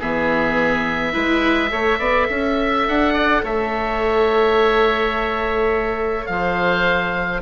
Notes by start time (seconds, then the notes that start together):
0.00 E3 B3 G#4 E5
1.13 G#3 E4 B4
1.69 A3 A4 C#5
1.99 B3 D5
2.30 C#4 E5
2.88 D4 F#5
3.14 D5
3.44 A3 C#5 E5
6.26 F3 C5 F5